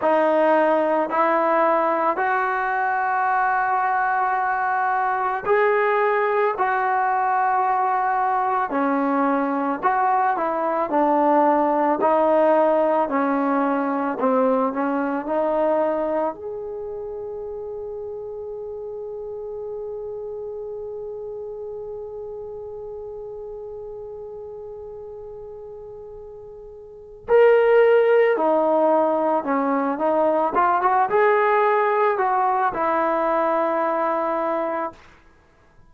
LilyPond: \new Staff \with { instrumentName = "trombone" } { \time 4/4 \tempo 4 = 55 dis'4 e'4 fis'2~ | fis'4 gis'4 fis'2 | cis'4 fis'8 e'8 d'4 dis'4 | cis'4 c'8 cis'8 dis'4 gis'4~ |
gis'1~ | gis'1~ | gis'4 ais'4 dis'4 cis'8 dis'8 | f'16 fis'16 gis'4 fis'8 e'2 | }